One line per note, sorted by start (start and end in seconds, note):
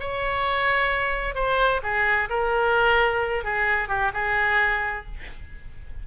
0.00 1.35 C#5
1.35 1.81 C5
1.83 2.29 G#4
2.30 3.44 A#4
3.44 3.89 G#4
3.89 4.12 G4
4.13 5.06 G#4